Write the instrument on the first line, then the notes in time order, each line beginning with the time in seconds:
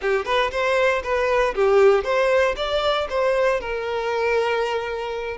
violin
0.01 G4
0.25 B4
0.51 C5
1.03 B4
1.55 G4
2.03 C5
2.56 D5
3.09 C5
3.60 A#4